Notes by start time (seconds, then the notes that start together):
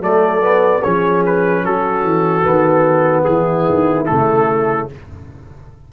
0.00 F#3 A3 A4 D5
0.42 B3
0.82 F3 C#4 G#4 C#5
1.26 B4
1.65 F#3 F#4 A4
2.04 E3
2.43 D#3 B3
3.24 E3 E4 G#4
3.69 D#3
4.06 C#3 A3 A4